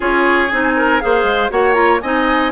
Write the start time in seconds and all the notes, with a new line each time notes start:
0.00 C#4 F4 G#4 C#5
0.51 C4 D#4 G#5
0.76 A#4
1.00 A#3 G#4 C5 F5
1.23 G#3
1.50 A#3 F#4 C#5 F#5
1.73 F4 A#5
2.01 C4 D#4 D#5 G#5